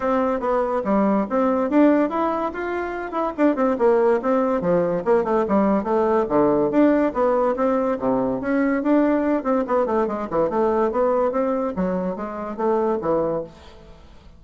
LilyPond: \new Staff \with { instrumentName = "bassoon" } { \time 4/4 \tempo 4 = 143 c'4 b4 g4 c'4 | d'4 e'4 f'4. e'8 | d'8 c'8 ais4 c'4 f4 | ais8 a8 g4 a4 d4 |
d'4 b4 c'4 c4 | cis'4 d'4. c'8 b8 a8 | gis8 e8 a4 b4 c'4 | fis4 gis4 a4 e4 | }